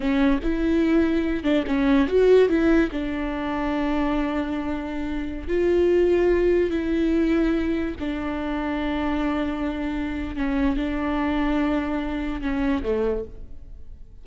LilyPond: \new Staff \with { instrumentName = "viola" } { \time 4/4 \tempo 4 = 145 cis'4 e'2~ e'8 d'8 | cis'4 fis'4 e'4 d'4~ | d'1~ | d'4~ d'16 f'2~ f'8.~ |
f'16 e'2. d'8.~ | d'1~ | d'4 cis'4 d'2~ | d'2 cis'4 a4 | }